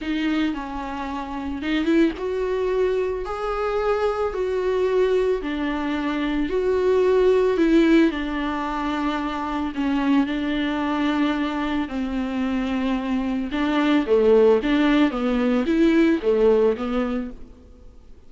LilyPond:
\new Staff \with { instrumentName = "viola" } { \time 4/4 \tempo 4 = 111 dis'4 cis'2 dis'8 e'8 | fis'2 gis'2 | fis'2 d'2 | fis'2 e'4 d'4~ |
d'2 cis'4 d'4~ | d'2 c'2~ | c'4 d'4 a4 d'4 | b4 e'4 a4 b4 | }